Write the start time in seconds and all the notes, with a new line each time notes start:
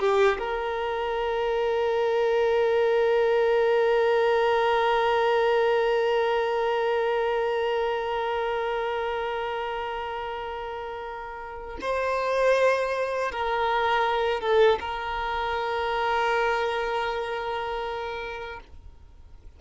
0.00 G4
0.39 A#4
11.81 C5
13.32 A#4
14.41 A4
14.80 A#4